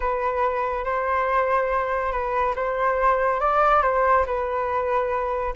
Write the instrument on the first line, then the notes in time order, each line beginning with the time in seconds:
flute
0.00 B4
0.84 C5
2.11 B4
2.55 C5
3.40 D5
3.82 C5
4.26 B4